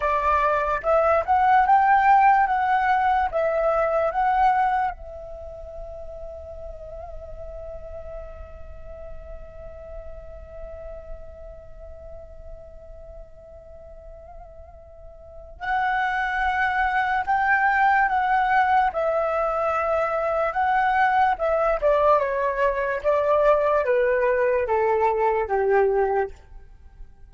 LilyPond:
\new Staff \with { instrumentName = "flute" } { \time 4/4 \tempo 4 = 73 d''4 e''8 fis''8 g''4 fis''4 | e''4 fis''4 e''2~ | e''1~ | e''1~ |
e''2. fis''4~ | fis''4 g''4 fis''4 e''4~ | e''4 fis''4 e''8 d''8 cis''4 | d''4 b'4 a'4 g'4 | }